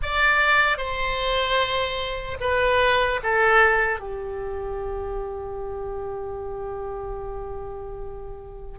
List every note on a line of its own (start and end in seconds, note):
0.02 0.77 D5
0.77 2.37 C5
2.40 3.20 B4
3.23 3.99 A4
3.99 8.78 G4